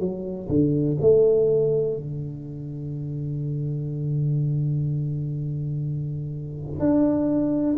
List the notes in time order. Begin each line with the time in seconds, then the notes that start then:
0.00 F#3
0.49 D3
1.01 A3
1.97 D3
6.80 D4